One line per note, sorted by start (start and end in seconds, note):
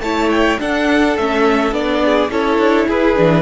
0.00 0.57 A3
0.00 0.59 E4
0.00 0.60 C#5
0.00 0.29 A5
0.30 0.59 G5
0.59 1.16 D4
0.59 1.17 D4
0.59 2.04 A4
0.59 1.17 F#5
1.17 1.72 A3
1.17 1.73 C#4
1.17 1.73 E5
1.72 2.29 B3
1.72 2.30 D4
1.72 2.30 D5
2.05 2.31 G#4
2.30 2.58 C#4
2.30 3.15 E4
2.30 2.87 A4
2.30 2.89 C#5
2.58 2.87 D4
2.87 3.17 E4
2.87 3.42 G#4
2.87 3.42 B4
3.15 3.42 E3
3.15 3.42 D4